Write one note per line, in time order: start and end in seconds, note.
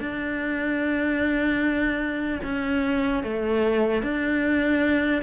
0.00 2.40 D4
2.43 3.23 C#4
3.23 4.03 A3
4.03 5.22 D4